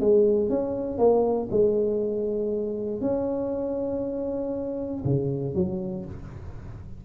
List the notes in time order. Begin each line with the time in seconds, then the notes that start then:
0.00 G#3
0.49 C#4
0.98 A#3
1.51 G#3
3.01 C#4
5.05 C#3
5.54 F#3